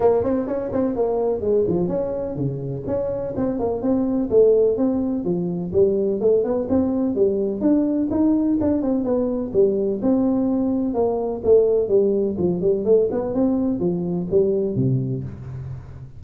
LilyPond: \new Staff \with { instrumentName = "tuba" } { \time 4/4 \tempo 4 = 126 ais8 c'8 cis'8 c'8 ais4 gis8 f8 | cis'4 cis4 cis'4 c'8 ais8 | c'4 a4 c'4 f4 | g4 a8 b8 c'4 g4 |
d'4 dis'4 d'8 c'8 b4 | g4 c'2 ais4 | a4 g4 f8 g8 a8 b8 | c'4 f4 g4 c4 | }